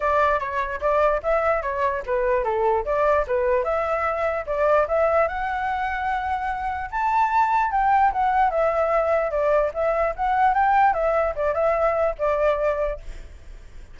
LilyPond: \new Staff \with { instrumentName = "flute" } { \time 4/4 \tempo 4 = 148 d''4 cis''4 d''4 e''4 | cis''4 b'4 a'4 d''4 | b'4 e''2 d''4 | e''4 fis''2.~ |
fis''4 a''2 g''4 | fis''4 e''2 d''4 | e''4 fis''4 g''4 e''4 | d''8 e''4. d''2 | }